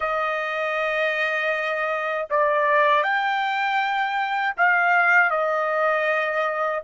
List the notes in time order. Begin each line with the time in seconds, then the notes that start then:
0.00 D#5
2.30 D5
3.03 G5
4.56 F5
5.30 D#5